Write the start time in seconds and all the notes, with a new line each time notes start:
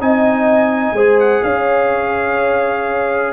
0.00 C4 D#4 D#5 G#5
0.93 G#3 G#4 C5
1.20 F#5
1.43 C#4 C#5 F5